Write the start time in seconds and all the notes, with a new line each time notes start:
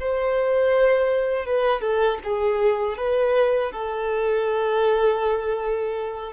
0.00 C5
1.46 B4
1.81 A4
2.24 G#4
2.98 B4
3.72 A4